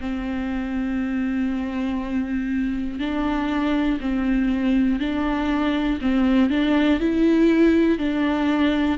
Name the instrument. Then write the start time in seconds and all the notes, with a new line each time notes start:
viola
0.00 C4
2.99 D4
4.00 C4
5.00 D4
6.01 C4
6.50 D4
7.00 E4
7.99 D4